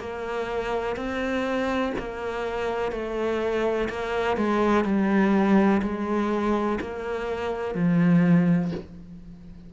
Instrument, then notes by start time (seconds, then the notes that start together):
cello
0.00 A#3
0.96 C4
1.98 A#3
2.92 A3
3.89 A#3
4.37 G#3
4.85 G3
5.82 G#3
6.81 A#3
7.75 F3